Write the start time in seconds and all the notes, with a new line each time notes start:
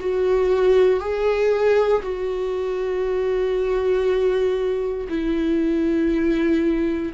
0.00 F#4
1.00 G#4
2.02 F#4
5.08 E4